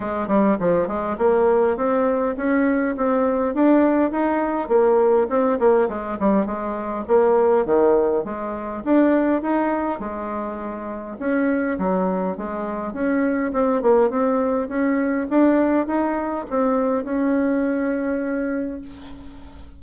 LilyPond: \new Staff \with { instrumentName = "bassoon" } { \time 4/4 \tempo 4 = 102 gis8 g8 f8 gis8 ais4 c'4 | cis'4 c'4 d'4 dis'4 | ais4 c'8 ais8 gis8 g8 gis4 | ais4 dis4 gis4 d'4 |
dis'4 gis2 cis'4 | fis4 gis4 cis'4 c'8 ais8 | c'4 cis'4 d'4 dis'4 | c'4 cis'2. | }